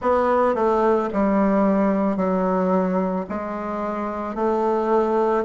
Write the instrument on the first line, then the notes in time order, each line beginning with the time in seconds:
bassoon
0.01 B3
0.55 A3
1.13 G3
2.16 F#3
3.29 G#3
4.35 A3